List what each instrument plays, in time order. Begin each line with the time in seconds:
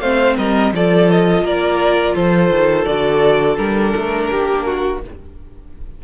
0.00 cello A3, viola C4, violin C5 F5
0.37 cello G3, violin A#4 D#5
0.73 cello F3, viola F4, violin A4 D5
1.11 violin D#5
1.42 cello A#3, violin A#4 D5
2.15 cello F3, violin A4 C5
2.50 cello D#3
2.85 cello D3, viola F#4, violin D5
3.57 cello G3, viola D4, violin A#4
3.97 cello A3
4.31 cello A#3, violin G4
4.66 violin F#4